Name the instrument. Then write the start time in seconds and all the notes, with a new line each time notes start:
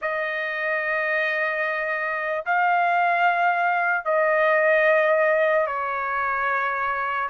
trumpet
0.01 D#5
2.45 F5
4.04 D#5
5.66 C#5